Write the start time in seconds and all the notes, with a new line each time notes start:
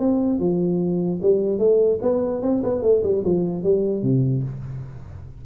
0.00 C4
0.40 F3
1.22 G3
1.59 A3
2.02 B3
2.42 C4
2.64 B3
2.83 A3
3.03 G3
3.25 F3
3.64 G3
4.03 C3